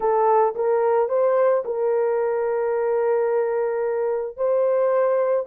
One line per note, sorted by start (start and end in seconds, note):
0.00 0.54 A4
0.55 1.09 A#4
1.09 1.63 C5
1.64 4.36 A#4
4.36 5.45 C5